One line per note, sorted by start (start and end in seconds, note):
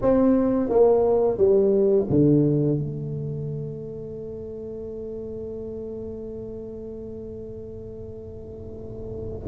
0.01 0.69 C4
0.69 1.37 A#3
1.37 2.06 G3
2.09 2.78 D3
2.78 9.47 A3